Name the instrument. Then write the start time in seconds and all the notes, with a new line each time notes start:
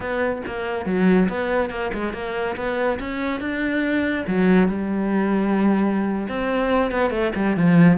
cello
0.00 B3
0.46 A#3
0.85 F#3
1.28 B3
1.69 A#3
1.93 G#3
2.13 A#3
2.56 B3
2.99 C#4
3.40 D4
4.27 F#3
4.68 G3
6.28 C4
6.91 B3
7.10 A3
7.35 G3
7.56 F3